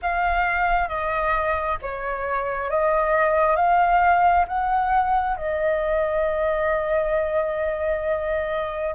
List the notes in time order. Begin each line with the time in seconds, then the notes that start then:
0.02 F5
0.88 D#5
1.82 C#5
2.69 D#5
3.56 F5
4.47 F#5
5.36 D#5